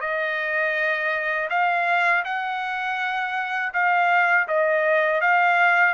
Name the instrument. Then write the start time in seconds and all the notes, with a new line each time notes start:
trumpet
0.00 D#5
1.49 F5
2.24 F#5
3.73 F5
4.47 D#5
5.21 F5